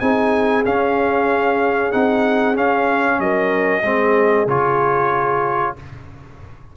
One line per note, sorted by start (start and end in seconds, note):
0.00 0.65 C4
0.00 0.65 D#4
0.00 3.20 G#4
0.00 0.64 G#5
0.66 1.93 C#4
0.66 1.92 C#4
0.66 1.92 F5
1.92 2.58 C4
1.92 2.55 D#4
1.92 2.56 F#5
2.55 3.83 C#4
2.55 3.20 C#4
2.55 3.20 F5
3.20 3.83 F#3
3.20 3.83 A#4
3.20 4.48 D#5
3.83 4.47 G#3
3.83 4.48 C4
3.83 5.74 G#4
4.47 5.75 C#3
4.47 5.76 F4
4.47 5.77 C#5